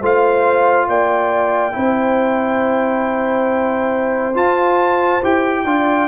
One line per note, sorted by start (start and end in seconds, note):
0.00 0.87 A3
0.00 1.72 F4
0.00 0.87 C5
0.00 0.88 F5
0.87 1.74 A#3
0.87 1.74 D5
0.87 4.36 G5
1.72 4.35 C4
1.72 4.33 E4
1.72 5.65 C5
4.34 5.21 F4
4.34 5.22 F4
4.34 5.23 A5
5.22 5.64 E4
5.22 5.66 G4
5.22 6.07 G5
5.64 6.07 D4
5.64 6.07 F4
5.64 6.07 D5